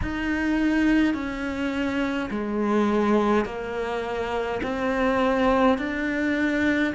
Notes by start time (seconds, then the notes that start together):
0.02 D#4
1.13 C#4
2.30 G#3
3.45 A#3
4.62 C4
5.77 D4